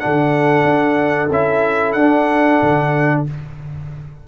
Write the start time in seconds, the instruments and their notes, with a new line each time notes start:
0.00 tuba D3, trombone D4, horn A4, trumpet F#5
0.64 tuba D4
1.31 tuba C#4, trombone E4, trumpet E5
1.93 tuba D4, trombone D4, trumpet F#5
2.63 tuba D3